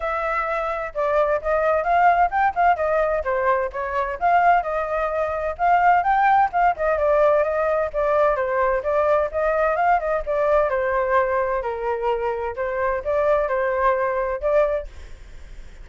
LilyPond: \new Staff \with { instrumentName = "flute" } { \time 4/4 \tempo 4 = 129 e''2 d''4 dis''4 | f''4 g''8 f''8 dis''4 c''4 | cis''4 f''4 dis''2 | f''4 g''4 f''8 dis''8 d''4 |
dis''4 d''4 c''4 d''4 | dis''4 f''8 dis''8 d''4 c''4~ | c''4 ais'2 c''4 | d''4 c''2 d''4 | }